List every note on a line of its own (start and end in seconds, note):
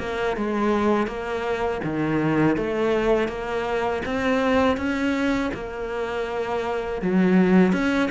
0.00 0.37 A#3
0.37 1.07 G#3
1.07 1.81 A#3
1.84 2.57 D#3
2.57 3.29 A3
3.29 4.03 A#3
4.06 4.77 C4
4.77 5.52 C#4
5.55 7.02 A#3
7.02 7.73 F#3
7.73 8.10 C#4